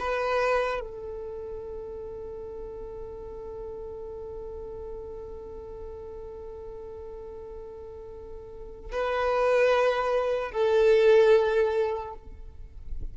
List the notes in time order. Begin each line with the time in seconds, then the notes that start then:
0.00 B4
0.81 A4
8.92 B4
10.52 A4